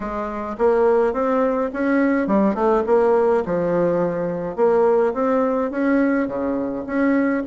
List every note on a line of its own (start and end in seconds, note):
0.00 0.56 G#3
0.58 1.13 A#3
1.13 1.70 C4
1.73 2.27 C#4
2.27 2.54 G3
2.54 2.83 A3
2.86 3.43 A#3
3.45 4.56 F3
4.56 5.13 A#3
5.13 5.70 C4
5.71 6.27 C#4
6.27 6.84 C#3
6.86 7.43 C#4